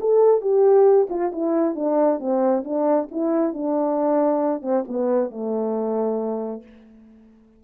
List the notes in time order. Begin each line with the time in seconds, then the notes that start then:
0.00 A4
0.41 G4
1.09 F4
1.32 E4
1.75 D4
2.19 C4
2.64 D4
3.11 E4
3.53 D4
4.62 C4
4.88 B3
5.30 A3